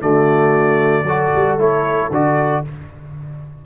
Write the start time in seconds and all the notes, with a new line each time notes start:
0.00 D3 A3 F#4 D5
1.04 F#3 F#4 A4
1.35 G3
1.57 A3 E4 C#5
2.11 D3 F#4 D5